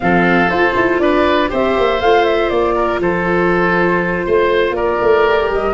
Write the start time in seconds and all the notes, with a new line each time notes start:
0.00 F3 C4 A4 F5
0.48 F4 C5
0.75 E4
0.99 D4 B4 D5
1.48 C4 G4 C5 E5
1.77 A#3
2.01 A3 F4 F5
2.24 E5
2.49 A#3 D5
2.75 A#4
2.99 F3 A4 C5
4.26 A3 C5
4.71 A#3 A#4 D5
5.01 A3
5.27 G4
5.50 G3 D#5